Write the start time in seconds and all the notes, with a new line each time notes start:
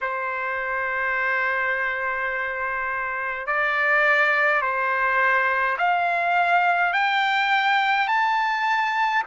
0.01 C5
3.46 D5
4.62 C5
5.77 F5
6.93 G5
8.07 A5